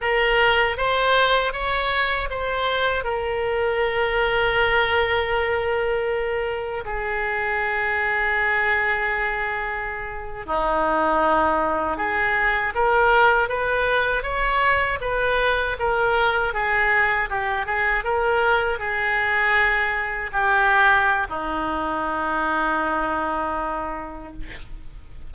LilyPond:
\new Staff \with { instrumentName = "oboe" } { \time 4/4 \tempo 4 = 79 ais'4 c''4 cis''4 c''4 | ais'1~ | ais'4 gis'2.~ | gis'4.~ gis'16 dis'2 gis'16~ |
gis'8. ais'4 b'4 cis''4 b'16~ | b'8. ais'4 gis'4 g'8 gis'8 ais'16~ | ais'8. gis'2 g'4~ g'16 | dis'1 | }